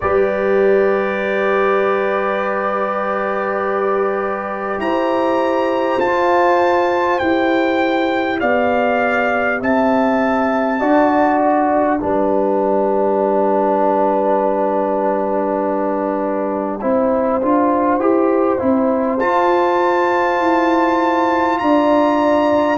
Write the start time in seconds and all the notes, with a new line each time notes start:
0.00 G3 G4 B4 D5
4.78 E4 C5 A#5
5.99 F4 A5
7.18 E4 G4 G5
8.39 B3 D5 F5
9.60 C4 E5 A5
10.79 D4 F#4 D5
11.41 G5
11.99 G3 D4 B4
16.80 C4 E4 C5
17.41 D4 F4
17.98 E4 G4
18.58 C4 E4
19.19 F4 A5
20.40 E4
21.58 D4 D5 A#5